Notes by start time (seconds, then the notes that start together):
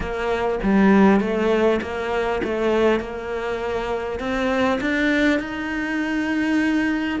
0.00 A#3
0.63 G3
1.20 A3
1.81 A#3
2.43 A3
3.00 A#3
4.19 C4
4.80 D4
5.39 D#4